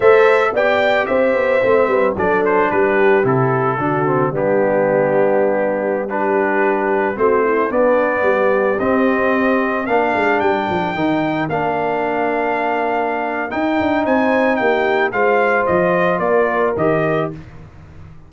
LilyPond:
<<
  \new Staff \with { instrumentName = "trumpet" } { \time 4/4 \tempo 4 = 111 e''4 g''4 e''2 | d''8 c''8 b'4 a'2 | g'2.~ g'16 b'8.~ | b'4~ b'16 c''4 d''4.~ d''16~ |
d''16 dis''2 f''4 g''8.~ | g''4~ g''16 f''2~ f''8.~ | f''4 g''4 gis''4 g''4 | f''4 dis''4 d''4 dis''4 | }
  \new Staff \with { instrumentName = "horn" } { \time 4/4 c''4 d''4 c''4. b'8 | a'4 g'2 fis'4 | d'2.~ d'16 g'8.~ | g'4~ g'16 fis'8 e'8 d'4 g'8.~ |
g'2~ g'16 ais'4.~ ais'16~ | ais'1~ | ais'2 c''4 g'4 | c''2 ais'2 | }
  \new Staff \with { instrumentName = "trombone" } { \time 4/4 a'4 g'2 c'4 | d'2 e'4 d'8 c'8 | b2.~ b16 d'8.~ | d'4~ d'16 c'4 b4.~ b16~ |
b16 c'2 d'4.~ d'16~ | d'16 dis'4 d'2~ d'8.~ | d'4 dis'2. | f'2. g'4 | }
  \new Staff \with { instrumentName = "tuba" } { \time 4/4 a4 b4 c'8 b8 a8 g8 | fis4 g4 c4 d4 | g1~ | g4~ g16 a4 b4 g8.~ |
g16 c'2 ais8 gis8 g8 f16~ | f16 dis4 ais2~ ais8.~ | ais4 dis'8 d'8 c'4 ais4 | gis4 f4 ais4 dis4 | }
>>